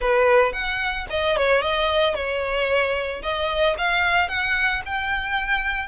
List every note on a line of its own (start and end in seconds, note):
0.00 0.52 B4
0.52 1.06 F#5
1.10 1.36 D#5
1.36 1.61 C#5
1.61 2.14 D#5
2.14 3.21 C#5
3.22 3.75 D#5
3.78 4.28 F5
4.28 4.82 F#5
4.85 5.88 G5